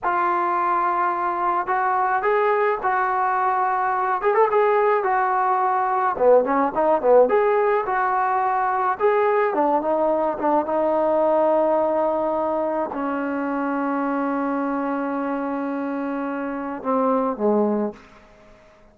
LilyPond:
\new Staff \with { instrumentName = "trombone" } { \time 4/4 \tempo 4 = 107 f'2. fis'4 | gis'4 fis'2~ fis'8 gis'16 a'16 | gis'4 fis'2 b8 cis'8 | dis'8 b8 gis'4 fis'2 |
gis'4 d'8 dis'4 d'8 dis'4~ | dis'2. cis'4~ | cis'1~ | cis'2 c'4 gis4 | }